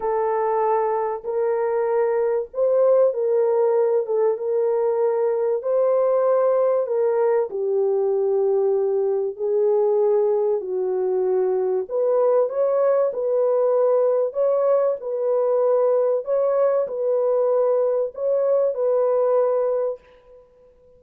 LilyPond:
\new Staff \with { instrumentName = "horn" } { \time 4/4 \tempo 4 = 96 a'2 ais'2 | c''4 ais'4. a'8 ais'4~ | ais'4 c''2 ais'4 | g'2. gis'4~ |
gis'4 fis'2 b'4 | cis''4 b'2 cis''4 | b'2 cis''4 b'4~ | b'4 cis''4 b'2 | }